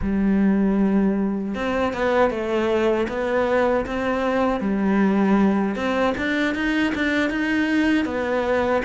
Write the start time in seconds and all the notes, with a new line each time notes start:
0.01 G3
1.54 C4
1.93 B3
2.30 A3
3.08 B3
3.86 C4
4.60 G3
5.75 C4
6.17 D4
6.54 D#4
6.94 D4
7.30 D#4
8.05 B3